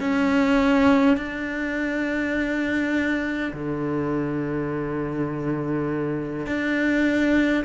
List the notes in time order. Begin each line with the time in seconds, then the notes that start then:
0.00 C#4
1.17 D4
3.53 D3
6.47 D4